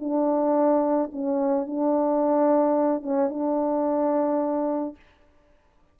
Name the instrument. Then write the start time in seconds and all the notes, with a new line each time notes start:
horn
0.00 D4
1.12 C#4
1.67 D4
3.03 C#4
3.30 D4